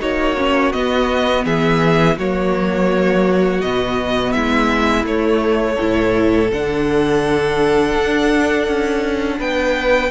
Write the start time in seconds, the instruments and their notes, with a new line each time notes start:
0.00 cello A#3, viola D#4, violin F#4 C#5
0.38 viola C#4
0.73 viola B3, cello B3, violin D#5
1.45 cello E3, violin G#4 E5
2.18 cello F#3, viola A#3, violin F#4 C#5
3.62 cello B2, viola B3, violin D#5
4.33 cello G#3, violin E4 E5
5.05 cello A3, viola A3, violin C#5
5.76 cello A2, viola E4, violin A4
6.52 cello D3, viola D4, violin F#5
7.96 cello D4
8.68 cello C#4
9.39 cello B3, violin B4 G5